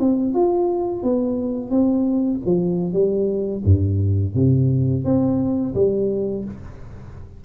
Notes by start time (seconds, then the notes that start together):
0.00 C4
0.35 F4
1.03 B3
1.71 C4
2.46 F3
2.93 G3
3.65 G2
4.35 C3
5.05 C4
5.75 G3